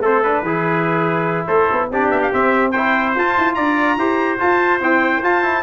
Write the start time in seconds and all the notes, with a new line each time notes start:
0.00 A3 C4 A4 C5
0.23 D4 B4
0.42 E3 E4 G#4
1.47 A3 A4 C5
1.72 B3
1.90 C4 D4 G4 D5
2.09 B3 E5
2.22 F5
2.32 C4 E5
2.71 E4 C5 G5
3.15 F4 A5
3.37 E4
3.54 D4 D5 A#5
3.97 E4 G4 C5
4.39 F4 A5
4.80 C4 E4 G5
5.23 F4 A5
5.43 E4